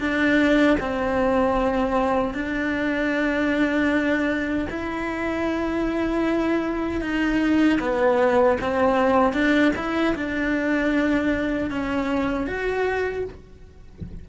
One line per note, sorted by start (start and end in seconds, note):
0.00 0.78 D4
0.80 2.34 C4
2.34 4.68 D4
4.71 7.02 E4
7.02 7.80 D#4
7.81 8.59 B3
8.61 9.34 C4
9.34 9.73 D4
9.77 10.15 E4
10.16 11.71 D4
11.71 12.47 C#4
12.47 13.25 F#4